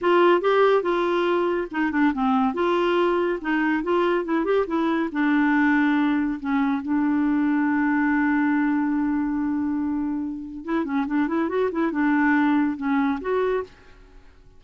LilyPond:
\new Staff \with { instrumentName = "clarinet" } { \time 4/4 \tempo 4 = 141 f'4 g'4 f'2 | dis'8 d'8 c'4 f'2 | dis'4 f'4 e'8 g'8 e'4 | d'2. cis'4 |
d'1~ | d'1~ | d'4 e'8 cis'8 d'8 e'8 fis'8 e'8 | d'2 cis'4 fis'4 | }